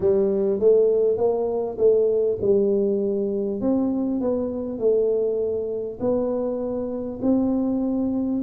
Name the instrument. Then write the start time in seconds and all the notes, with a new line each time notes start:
tuba
0.00 G3
0.59 A3
1.17 A#3
1.77 A3
2.41 G3
3.60 C4
4.21 B3
4.78 A3
5.99 B3
7.22 C4